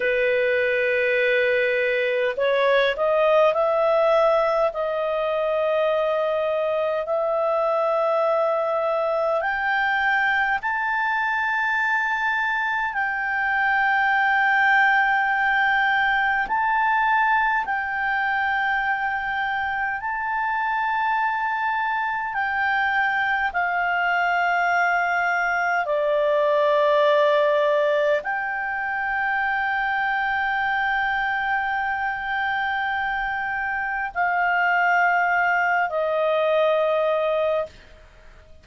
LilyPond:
\new Staff \with { instrumentName = "clarinet" } { \time 4/4 \tempo 4 = 51 b'2 cis''8 dis''8 e''4 | dis''2 e''2 | g''4 a''2 g''4~ | g''2 a''4 g''4~ |
g''4 a''2 g''4 | f''2 d''2 | g''1~ | g''4 f''4. dis''4. | }